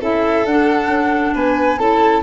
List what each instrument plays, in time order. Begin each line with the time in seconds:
0.00 tuba C#4, clarinet E4, violin A4, flute E5
0.45 tuba D4, clarinet D4, flute F#5
0.87 tuba C#4
1.34 tuba B3, violin B4, flute G#5
1.78 tuba C#4, clarinet E4, violin A4, flute A5